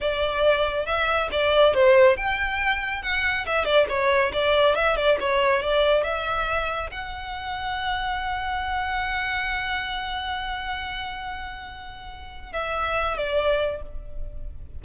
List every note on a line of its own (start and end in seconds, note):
0.00 0.86 D5
0.86 1.29 E5
1.31 1.73 D5
1.73 2.16 C5
2.16 3.02 G5
3.02 3.45 F#5
3.46 3.64 E5
3.64 3.86 D5
3.88 4.31 C#5
4.32 4.75 D5
4.75 4.96 E5
4.96 5.17 D5
5.20 5.62 C#5
5.62 6.03 D5
6.03 6.89 E5
6.91 12.52 F#5
12.52 13.17 E5
13.17 13.82 D5